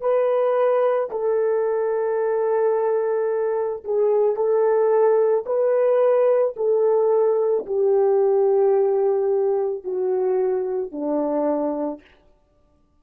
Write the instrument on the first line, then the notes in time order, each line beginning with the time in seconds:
horn
0.00 B4
1.10 A4
3.84 G#4
4.35 A4
5.45 B4
6.56 A4
7.66 G4
9.84 F#4
10.91 D4